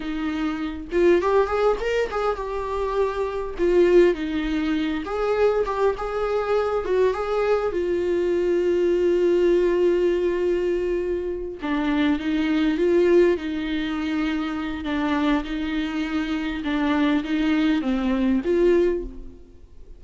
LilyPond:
\new Staff \with { instrumentName = "viola" } { \time 4/4 \tempo 4 = 101 dis'4. f'8 g'8 gis'8 ais'8 gis'8 | g'2 f'4 dis'4~ | dis'8 gis'4 g'8 gis'4. fis'8 | gis'4 f'2.~ |
f'2.~ f'8 d'8~ | d'8 dis'4 f'4 dis'4.~ | dis'4 d'4 dis'2 | d'4 dis'4 c'4 f'4 | }